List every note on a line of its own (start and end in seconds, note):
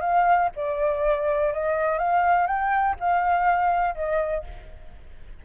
0.00 0.49 F5
0.56 1.53 D5
1.53 1.98 D#5
1.98 2.47 F5
2.47 2.95 G5
3.00 3.95 F5
3.95 4.43 D#5